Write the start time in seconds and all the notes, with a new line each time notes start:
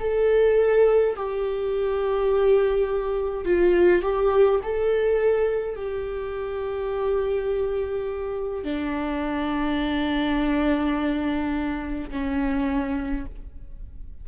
0.00 A4
1.16 G4
3.45 F4
4.03 G4
4.63 A4
5.76 G4
8.64 D4
12.10 C#4